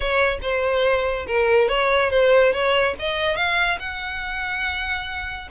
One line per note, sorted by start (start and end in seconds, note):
0.00 0.38 C#5
0.42 1.26 C5
1.26 1.68 A#4
1.68 2.10 C#5
2.10 2.52 C5
2.52 2.94 C#5
2.99 3.36 D#5
3.36 3.78 F5
3.79 5.48 F#5